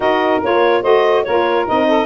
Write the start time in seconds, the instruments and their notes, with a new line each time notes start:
0.00 tuba D#4, saxophone F#4 A#4, clarinet D#5
0.42 tuba A#3, saxophone F4, clarinet C#5
0.81 tuba A3, saxophone F#4 C5, clarinet D#5
1.24 tuba A#3, saxophone F4 A#4, clarinet C#5
1.66 tuba C4, saxophone D#4, clarinet D#5
1.87 saxophone A4